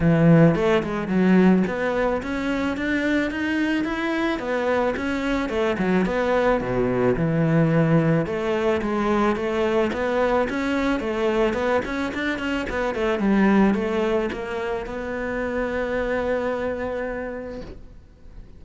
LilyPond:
\new Staff \with { instrumentName = "cello" } { \time 4/4 \tempo 4 = 109 e4 a8 gis8 fis4 b4 | cis'4 d'4 dis'4 e'4 | b4 cis'4 a8 fis8 b4 | b,4 e2 a4 |
gis4 a4 b4 cis'4 | a4 b8 cis'8 d'8 cis'8 b8 a8 | g4 a4 ais4 b4~ | b1 | }